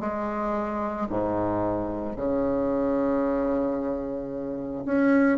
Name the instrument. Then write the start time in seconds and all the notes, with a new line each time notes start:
bassoon
0.00 G#3
1.09 G#2
2.16 C#3
4.85 C#4